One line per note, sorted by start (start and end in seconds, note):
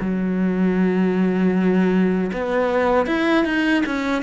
0.00 2.31 F#3
2.33 3.06 B3
3.06 3.45 E4
3.45 3.83 D#4
3.86 4.22 C#4